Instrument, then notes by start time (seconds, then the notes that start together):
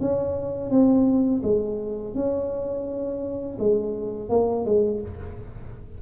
tuba
0.00 C#4
0.70 C4
1.43 G#3
2.14 C#4
3.59 G#3
4.29 A#3
4.65 G#3